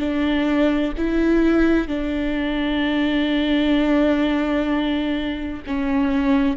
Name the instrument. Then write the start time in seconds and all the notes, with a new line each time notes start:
viola
0.00 D4
0.98 E4
1.88 D4
5.67 C#4